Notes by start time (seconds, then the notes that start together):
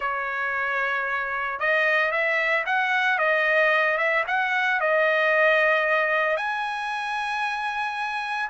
0.00 C#5
1.59 D#5
2.11 E5
2.65 F#5
3.18 D#5
3.97 E5
4.27 F#5
4.80 D#5
6.36 G#5